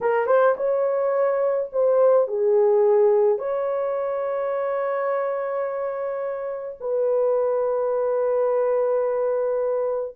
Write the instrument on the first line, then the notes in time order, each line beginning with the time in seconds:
horn
0.01 A#4
0.26 C5
0.56 C#5
1.72 C5
2.27 G#4
3.38 C#5
6.80 B4